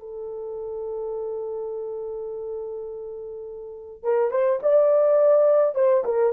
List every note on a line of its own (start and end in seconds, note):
0.00 4.04 A4
4.04 4.31 A#4
4.31 4.60 C5
4.63 5.75 D5
5.75 6.04 C5
6.05 6.33 A#4